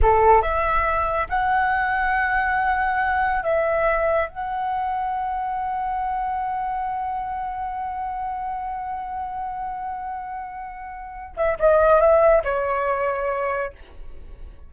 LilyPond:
\new Staff \with { instrumentName = "flute" } { \time 4/4 \tempo 4 = 140 a'4 e''2 fis''4~ | fis''1 | e''2 fis''2~ | fis''1~ |
fis''1~ | fis''1~ | fis''2~ fis''8 e''8 dis''4 | e''4 cis''2. | }